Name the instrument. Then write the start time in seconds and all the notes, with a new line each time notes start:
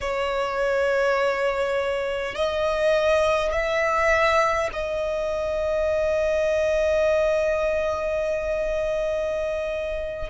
violin
0.00 C#5
2.35 D#5
3.52 E5
4.72 D#5